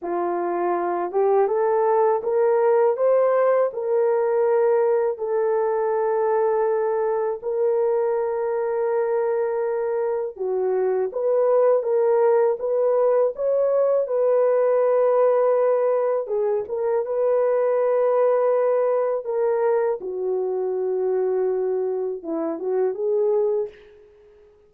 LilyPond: \new Staff \with { instrumentName = "horn" } { \time 4/4 \tempo 4 = 81 f'4. g'8 a'4 ais'4 | c''4 ais'2 a'4~ | a'2 ais'2~ | ais'2 fis'4 b'4 |
ais'4 b'4 cis''4 b'4~ | b'2 gis'8 ais'8 b'4~ | b'2 ais'4 fis'4~ | fis'2 e'8 fis'8 gis'4 | }